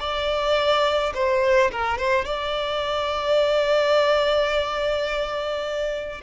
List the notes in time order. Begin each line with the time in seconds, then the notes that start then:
0.00 D5
1.14 C5
1.72 A#4
1.98 C5
2.25 D5